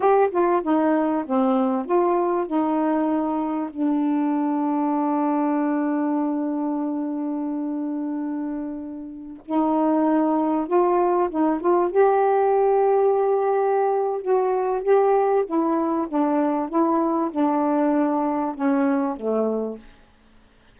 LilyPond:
\new Staff \with { instrumentName = "saxophone" } { \time 4/4 \tempo 4 = 97 g'8 f'8 dis'4 c'4 f'4 | dis'2 d'2~ | d'1~ | d'2.~ d'16 dis'8.~ |
dis'4~ dis'16 f'4 dis'8 f'8 g'8.~ | g'2. fis'4 | g'4 e'4 d'4 e'4 | d'2 cis'4 a4 | }